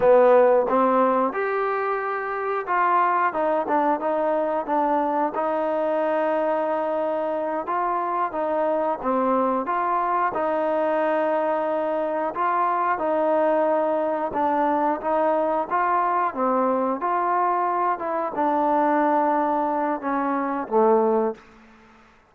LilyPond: \new Staff \with { instrumentName = "trombone" } { \time 4/4 \tempo 4 = 90 b4 c'4 g'2 | f'4 dis'8 d'8 dis'4 d'4 | dis'2.~ dis'8 f'8~ | f'8 dis'4 c'4 f'4 dis'8~ |
dis'2~ dis'8 f'4 dis'8~ | dis'4. d'4 dis'4 f'8~ | f'8 c'4 f'4. e'8 d'8~ | d'2 cis'4 a4 | }